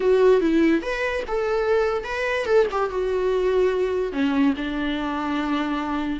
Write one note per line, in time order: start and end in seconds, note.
0.00 0.40 F#4
0.40 0.82 E4
0.82 1.23 B4
1.27 2.04 A4
2.04 2.45 B4
2.45 2.66 A4
2.71 2.90 G4
2.90 4.12 F#4
4.12 4.53 C#4
4.56 6.20 D4